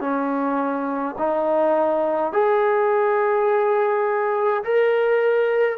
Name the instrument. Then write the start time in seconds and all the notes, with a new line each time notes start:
trombone
0.00 C#4
1.18 D#4
2.32 G#4
4.64 A#4